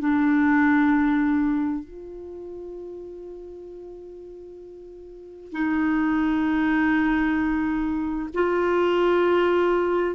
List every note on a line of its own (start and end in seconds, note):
0.00 1.85 D4
1.85 5.53 F4
5.53 8.30 D#4
8.35 10.16 F4